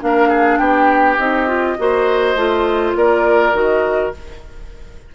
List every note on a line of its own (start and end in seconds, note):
0.00 0.59 A#3
0.00 1.18 D4
0.00 0.29 A#4
0.00 0.58 F5
0.29 0.58 G#4
0.58 1.17 B3
0.58 1.77 G4
0.58 1.16 G5
1.17 1.77 C4
1.17 1.47 D#4
1.17 2.94 D#5
1.47 1.77 F4
1.78 2.35 A#3
1.78 2.37 F#4
1.78 2.97 C5
2.35 2.94 A3
2.35 3.53 F4
2.95 3.53 A#3
2.95 4.15 A#4
2.95 3.55 D5
3.53 4.11 D#3
3.53 4.12 F#4
3.53 4.14 D#5